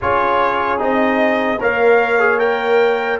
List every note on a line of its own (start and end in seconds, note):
0.01 0.80 C#4
0.01 0.78 F4
0.01 1.59 G#4
0.01 0.81 C#5
0.78 1.60 C4
0.78 1.58 D#4
0.78 1.62 D#5
1.59 3.19 A#3
1.59 2.19 A#4
1.59 3.19 C#5
1.59 2.39 F5
2.19 2.39 G#4
2.39 3.19 A#4
2.39 3.19 G5